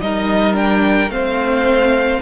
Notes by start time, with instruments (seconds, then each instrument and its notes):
0.00 cello G3, viola D#4, violin A#4 D#5
0.54 viola D4, violin G5
1.08 cello A3, viola C4, violin C5 F5